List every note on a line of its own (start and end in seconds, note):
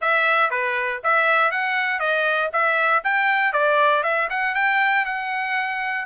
0.01 0.50 E5
0.50 1.00 B4
1.03 1.51 E5
1.51 1.99 F#5
1.99 2.50 D#5
2.52 3.03 E5
3.04 3.52 G5
3.52 4.03 D5
4.03 4.28 E5
4.29 4.54 F#5
4.54 5.05 G5
5.05 6.05 F#5